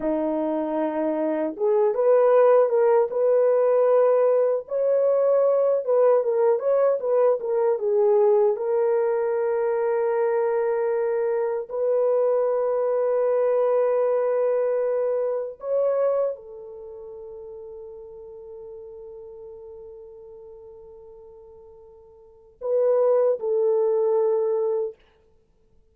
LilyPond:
\new Staff \with { instrumentName = "horn" } { \time 4/4 \tempo 4 = 77 dis'2 gis'8 b'4 ais'8 | b'2 cis''4. b'8 | ais'8 cis''8 b'8 ais'8 gis'4 ais'4~ | ais'2. b'4~ |
b'1 | cis''4 a'2.~ | a'1~ | a'4 b'4 a'2 | }